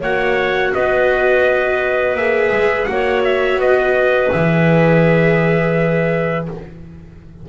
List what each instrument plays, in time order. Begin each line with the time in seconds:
0.00 double bass A#3, viola F#4, clarinet C#5, trumpet F#5
0.74 double bass B3, clarinet B4, trumpet D#5
2.14 double bass A#3, viola G#4, trumpet E5
2.51 double bass G#3
2.85 double bass A#3, viola F#4, trumpet F#5
2.92 clarinet C#5
3.24 trumpet E5
3.56 double bass B3, clarinet B4, trumpet D#5
4.31 double bass E3, viola G#4, trumpet E5